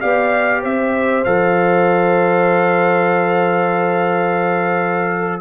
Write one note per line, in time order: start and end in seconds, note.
0.00 0.64 B3
0.00 1.24 G4
0.00 0.61 D5
0.00 0.62 F5
0.61 1.26 C4
0.61 5.41 C5
0.61 1.24 E5
1.24 5.41 F3
1.24 5.41 A4
1.24 5.41 F5